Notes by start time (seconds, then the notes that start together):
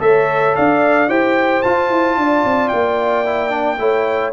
0.00 A3 A4 C#5 E5
0.56 D4 D5 F5
1.09 E4 G4 C5 G5
1.63 F4 A5
1.90 E4
2.17 D4 D5
2.45 C4
2.69 A#3 G5
3.26 E4
3.50 D4
3.79 A3 E4 C#5